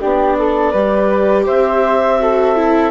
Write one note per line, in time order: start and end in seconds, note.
0.00 0.74 B3
0.00 0.74 D4
0.00 0.37 G4
0.00 1.47 D5
0.39 0.71 A4
0.71 1.47 G3
0.71 2.20 G4
0.71 1.44 B4
1.46 2.91 C4
1.46 2.19 C5
1.46 2.91 E5
2.20 2.56 F#4
2.20 2.91 A4
2.56 2.91 E4